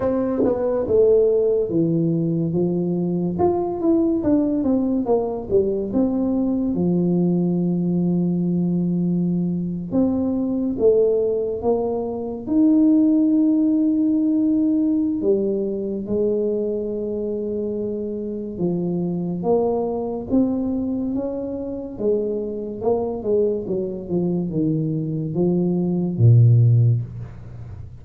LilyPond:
\new Staff \with { instrumentName = "tuba" } { \time 4/4 \tempo 4 = 71 c'8 b8 a4 e4 f4 | f'8 e'8 d'8 c'8 ais8 g8 c'4 | f2.~ f8. c'16~ | c'8. a4 ais4 dis'4~ dis'16~ |
dis'2 g4 gis4~ | gis2 f4 ais4 | c'4 cis'4 gis4 ais8 gis8 | fis8 f8 dis4 f4 ais,4 | }